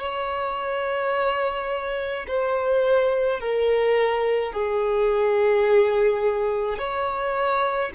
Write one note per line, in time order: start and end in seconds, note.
0.00 2.26 C#5
2.27 3.41 C5
3.41 4.53 A#4
4.53 6.79 G#4
6.79 7.92 C#5